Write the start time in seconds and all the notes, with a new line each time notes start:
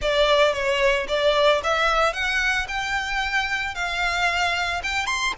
0.01 D5
0.53 C#5
1.07 D5
1.63 E5
2.13 F#5
2.68 G5
3.75 F5
4.83 G5
5.06 C6